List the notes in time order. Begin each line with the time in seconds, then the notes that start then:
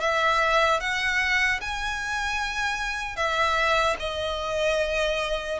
0.00 E5
0.80 F#5
1.61 G#5
3.16 E5
3.99 D#5